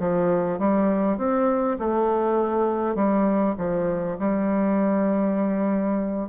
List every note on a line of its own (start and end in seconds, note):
0.00 0.59 F3
0.59 1.18 G3
1.18 1.78 C4
1.79 2.96 A3
2.96 3.56 G3
3.58 4.18 F3
4.19 6.29 G3